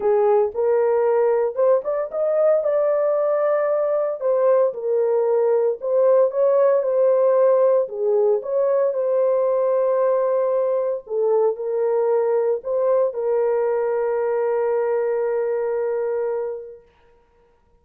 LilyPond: \new Staff \with { instrumentName = "horn" } { \time 4/4 \tempo 4 = 114 gis'4 ais'2 c''8 d''8 | dis''4 d''2. | c''4 ais'2 c''4 | cis''4 c''2 gis'4 |
cis''4 c''2.~ | c''4 a'4 ais'2 | c''4 ais'2.~ | ais'1 | }